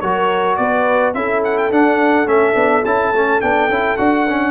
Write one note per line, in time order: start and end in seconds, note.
0.00 0.58 F#3
0.00 1.15 F#4
0.00 0.58 A#4
0.00 0.56 C#5
0.56 1.14 B3
0.56 1.16 B4
0.56 1.13 D5
1.14 1.71 C#4
1.14 1.71 E4
1.14 4.51 A4
1.14 1.42 E5
1.44 1.58 F#5
1.58 1.72 G5
1.71 2.26 D4
1.71 2.28 F#5
2.26 2.54 A3
2.26 2.54 C#4
2.26 2.84 E5
2.54 2.83 B3
2.54 2.82 D4
2.85 3.13 C#4
2.85 3.14 E4
2.85 3.41 A5
3.13 3.41 A3
3.13 3.41 C#4
3.41 3.69 B3
3.41 3.70 D4
3.41 3.97 G5
3.69 3.97 C#4
3.69 3.98 E4
3.97 4.51 D4
3.97 4.26 F#4
3.97 4.51 F#5
4.29 4.51 C#4